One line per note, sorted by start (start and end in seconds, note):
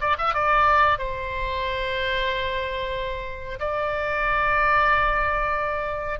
0.00 0.16 D5
0.17 0.33 E5
0.33 0.98 D5
0.98 3.59 C5
3.59 6.19 D5